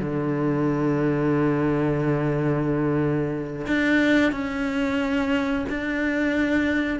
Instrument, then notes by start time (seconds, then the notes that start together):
cello
0.00 D3
3.67 D4
4.32 C#4
5.69 D4